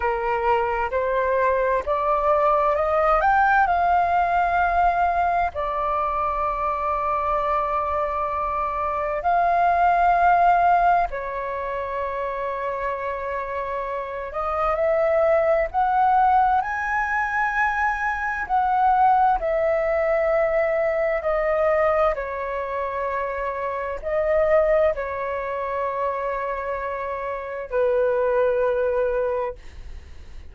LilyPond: \new Staff \with { instrumentName = "flute" } { \time 4/4 \tempo 4 = 65 ais'4 c''4 d''4 dis''8 g''8 | f''2 d''2~ | d''2 f''2 | cis''2.~ cis''8 dis''8 |
e''4 fis''4 gis''2 | fis''4 e''2 dis''4 | cis''2 dis''4 cis''4~ | cis''2 b'2 | }